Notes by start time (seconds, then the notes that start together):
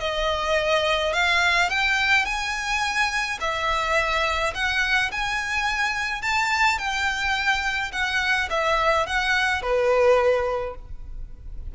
0.00 D#5
1.13 F5
1.70 G5
2.25 G#5
3.40 E5
4.54 F#5
5.11 G#5
6.22 A5
6.78 G5
7.92 F#5
8.50 E5
9.06 F#5
9.61 B4